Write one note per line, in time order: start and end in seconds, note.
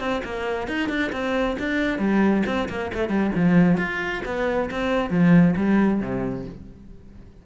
0.00 0.22 C4
0.24 0.68 A#3
0.68 0.89 D#4
0.89 1.11 D4
1.12 1.57 C4
1.59 1.99 D4
1.99 2.43 G3
2.46 2.69 C4
2.69 2.92 A#3
2.94 3.09 A3
3.09 3.31 G3
3.36 3.78 F3
3.78 4.22 F4
4.26 4.70 B3
4.71 5.10 C4
5.10 5.55 F3
5.57 6.01 G3
6.01 6.45 C3